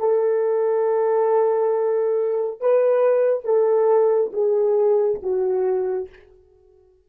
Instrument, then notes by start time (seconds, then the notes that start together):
horn
0.00 A4
2.61 B4
3.45 A4
4.33 G#4
5.23 F#4